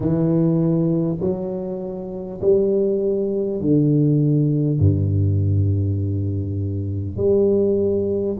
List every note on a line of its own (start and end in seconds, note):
0.00 1.18 E3
1.20 2.40 F#3
2.41 3.61 G3
3.61 4.79 D3
4.79 7.16 G2
7.16 8.36 G3